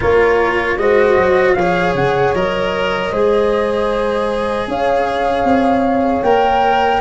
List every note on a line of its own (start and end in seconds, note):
0.00 0.77 A#3
0.00 0.78 F4
0.00 0.75 A#4
0.00 0.77 C#5
0.77 1.16 G#3
0.77 1.56 F#4
0.77 1.57 C5
0.77 1.54 D#5
1.16 1.55 F#3
1.54 1.94 F3
1.54 2.35 G#4
1.54 3.12 C#5
1.54 1.93 F5
1.94 2.33 C#3
1.94 2.34 F#5
2.34 3.12 F#3
2.34 3.12 A#4
2.34 4.68 D#5
3.12 4.67 G#3
3.12 6.24 G#4
3.12 4.68 C5
4.67 5.44 C#4
4.67 7.00 C#5
4.67 6.23 F5
5.44 6.22 C4
6.23 7.00 A#3
6.23 7.00 A#4
6.23 7.00 G5